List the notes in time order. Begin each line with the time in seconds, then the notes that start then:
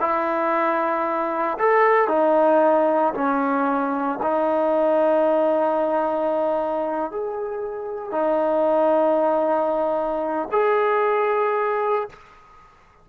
0.00 E4
1.58 A4
2.08 D#4
3.14 C#4
4.22 D#4
7.11 G#4
8.11 D#4
10.51 G#4